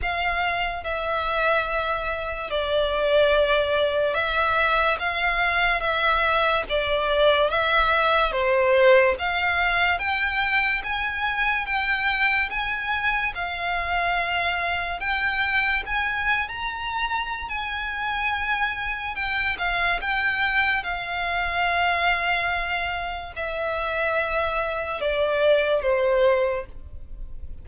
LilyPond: \new Staff \with { instrumentName = "violin" } { \time 4/4 \tempo 4 = 72 f''4 e''2 d''4~ | d''4 e''4 f''4 e''4 | d''4 e''4 c''4 f''4 | g''4 gis''4 g''4 gis''4 |
f''2 g''4 gis''8. ais''16~ | ais''4 gis''2 g''8 f''8 | g''4 f''2. | e''2 d''4 c''4 | }